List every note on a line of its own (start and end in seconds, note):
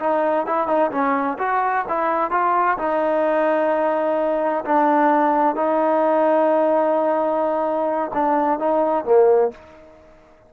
0.00 0.47 D#4
0.47 0.68 E4
0.68 0.91 D#4
0.91 1.38 C#4
1.39 1.85 F#4
1.89 2.31 E4
2.31 2.78 F4
2.78 4.64 D#4
4.65 5.56 D4
5.56 8.12 D#4
8.14 8.59 D4
8.59 9.05 D#4
9.05 9.51 A#3